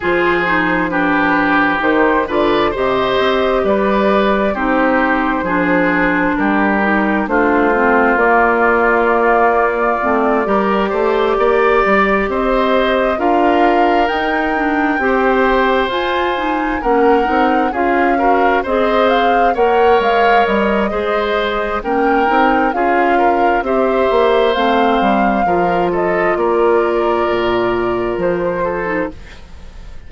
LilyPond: <<
  \new Staff \with { instrumentName = "flute" } { \time 4/4 \tempo 4 = 66 c''4 b'4 c''8 d''8 dis''4 | d''4 c''2 ais'4 | c''4 d''2.~ | d''4. dis''4 f''4 g''8~ |
g''4. gis''4 fis''4 f''8~ | f''8 dis''8 f''8 fis''8 f''8 dis''4. | g''4 f''4 e''4 f''4~ | f''8 dis''8 d''2 c''4 | }
  \new Staff \with { instrumentName = "oboe" } { \time 4/4 gis'4 g'4. b'8 c''4 | b'4 g'4 gis'4 g'4 | f'2.~ f'8 ais'8 | c''8 d''4 c''4 ais'4.~ |
ais'8 c''2 ais'4 gis'8 | ais'8 c''4 cis''4. c''4 | ais'4 gis'8 ais'8 c''2 | ais'8 a'8 ais'2~ ais'8 a'8 | }
  \new Staff \with { instrumentName = "clarinet" } { \time 4/4 f'8 dis'8 d'4 dis'8 f'8 g'4~ | g'4 dis'4 d'4. dis'8 | d'8 c'8 ais2 c'8 g'8~ | g'2~ g'8 f'4 dis'8 |
d'8 g'4 f'8 dis'8 cis'8 dis'8 f'8 | fis'8 gis'4 ais'4. gis'4 | cis'8 dis'8 f'4 g'4 c'4 | f'2.~ f'8. dis'16 | }
  \new Staff \with { instrumentName = "bassoon" } { \time 4/4 f2 dis8 d8 c8 c'8 | g4 c'4 f4 g4 | a4 ais2 a8 g8 | a8 ais8 g8 c'4 d'4 dis'8~ |
dis'8 c'4 f'4 ais8 c'8 cis'8~ | cis'8 c'4 ais8 gis8 g8 gis4 | ais8 c'8 cis'4 c'8 ais8 a8 g8 | f4 ais4 ais,4 f4 | }
>>